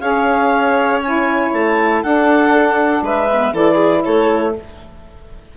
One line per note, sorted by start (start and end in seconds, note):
0.00 1.51 C#4
0.00 1.02 G#4
0.00 2.03 C#5
0.00 1.01 F5
1.02 2.04 E4
1.02 1.52 G#5
1.53 2.04 A3
1.53 2.03 A5
2.03 3.02 D4
2.03 3.30 D4
2.03 3.03 A4
2.03 3.04 F#5
3.02 3.53 G#3
3.02 3.54 B4
3.02 3.55 E5
3.30 3.54 B3
3.53 4.03 E3
3.53 4.55 E4
3.53 3.75 A4
3.53 4.04 D5
3.75 4.00 G#4
4.04 4.57 A3
4.04 4.56 A4
4.04 4.54 C#5